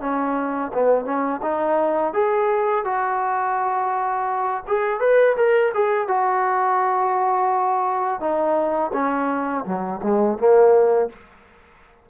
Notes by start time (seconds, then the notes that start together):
0.00 C#4
0.73 B3
1.05 C#4
1.42 D#4
2.13 G#4
2.84 F#4
4.67 G#4
5.00 B4
5.36 A#4
5.74 G#4
6.07 F#4
8.20 D#4
8.93 C#4
9.65 F#3
10.03 G#3
10.38 A#3